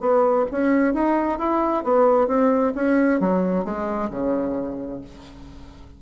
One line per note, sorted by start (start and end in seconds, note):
0.00 0.45 B3
0.51 0.94 C#4
0.94 1.39 D#4
1.39 1.84 E4
1.84 2.27 B3
2.27 2.73 C4
2.75 3.20 C#4
3.20 3.64 F#3
3.64 4.10 G#3
4.10 5.01 C#3